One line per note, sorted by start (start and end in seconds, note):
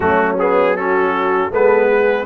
0.00 1.48 F#3
0.00 0.37 A3
0.00 0.77 C#4
0.00 0.35 F#4
0.39 0.77 B3
0.39 0.76 G#4
0.76 1.51 C#4
0.76 1.50 F#4
0.76 1.52 A4
1.50 2.25 G#3
1.50 2.25 B3
1.50 1.87 A4
1.50 2.25 B4
1.87 2.25 G#4